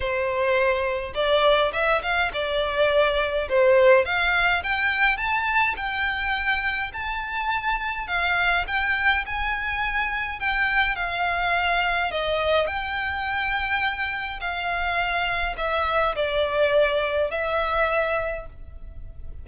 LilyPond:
\new Staff \with { instrumentName = "violin" } { \time 4/4 \tempo 4 = 104 c''2 d''4 e''8 f''8 | d''2 c''4 f''4 | g''4 a''4 g''2 | a''2 f''4 g''4 |
gis''2 g''4 f''4~ | f''4 dis''4 g''2~ | g''4 f''2 e''4 | d''2 e''2 | }